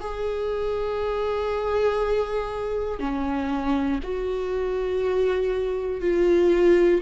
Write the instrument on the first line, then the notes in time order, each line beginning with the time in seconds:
viola
0.00 G#4
2.99 C#4
4.03 F#4
6.01 F4